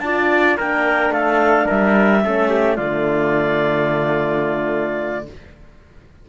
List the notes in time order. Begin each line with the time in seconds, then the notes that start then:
0.00 D4 F4 D5 A5
0.58 A#3 D4 A#4 G5
1.10 A3 A4 F5
1.66 G3 A#4 E5
2.22 A3 C#4 A4
2.50 G4
2.76 D3 A3 F4 D5